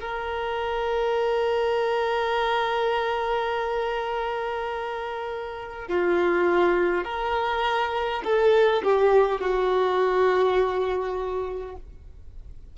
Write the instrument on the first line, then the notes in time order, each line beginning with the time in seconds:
violin
0.00 A#4
5.88 F4
7.04 A#4
8.24 A4
8.83 G4
9.41 F#4